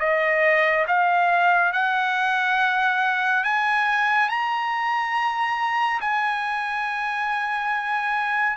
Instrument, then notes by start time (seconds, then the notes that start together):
trumpet
0.00 D#5
0.88 F5
1.73 F#5
3.44 G#5
4.29 A#5
6.01 G#5